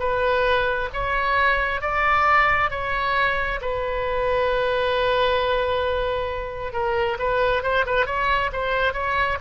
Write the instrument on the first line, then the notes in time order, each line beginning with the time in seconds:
oboe
0.00 B4
0.94 C#5
1.82 D5
2.71 C#5
3.62 B4
6.73 A#4
7.20 B4
7.63 C5
7.87 B4
8.07 C#5
8.53 C5
8.93 C#5